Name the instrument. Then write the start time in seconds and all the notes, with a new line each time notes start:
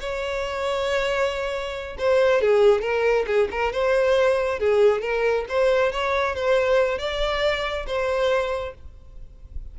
violin
0.00 C#5
1.98 C5
2.41 G#4
2.82 A#4
3.27 G#4
3.51 A#4
3.73 C5
4.59 G#4
5.01 A#4
5.49 C5
5.92 C#5
6.35 C5
6.99 D5
7.87 C5